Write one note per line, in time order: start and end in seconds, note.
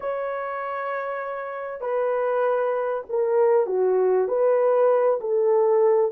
0.00 1.80 C#5
1.80 3.03 B4
3.09 3.66 A#4
3.66 4.27 F#4
4.27 5.19 B4
5.20 6.11 A4